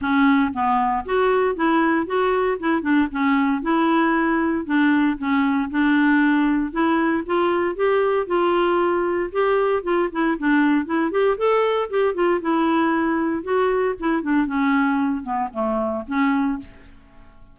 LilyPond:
\new Staff \with { instrumentName = "clarinet" } { \time 4/4 \tempo 4 = 116 cis'4 b4 fis'4 e'4 | fis'4 e'8 d'8 cis'4 e'4~ | e'4 d'4 cis'4 d'4~ | d'4 e'4 f'4 g'4 |
f'2 g'4 f'8 e'8 | d'4 e'8 g'8 a'4 g'8 f'8 | e'2 fis'4 e'8 d'8 | cis'4. b8 a4 cis'4 | }